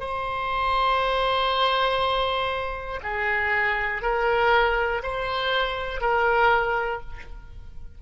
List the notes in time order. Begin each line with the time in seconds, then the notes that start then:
0.00 C5
3.02 G#4
4.02 A#4
5.02 C5
6.01 A#4